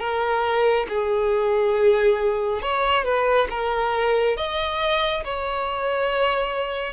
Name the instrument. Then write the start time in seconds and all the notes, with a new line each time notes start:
violin
0.00 A#4
0.89 G#4
2.62 C#5
3.05 B4
3.51 A#4
4.37 D#5
5.25 C#5